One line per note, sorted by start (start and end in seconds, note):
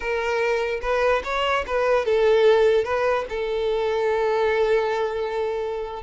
0.00 0.80 A#4
0.81 1.22 B4
1.24 1.64 C#5
1.66 2.05 B4
2.05 2.84 A4
2.84 3.25 B4
3.29 6.03 A4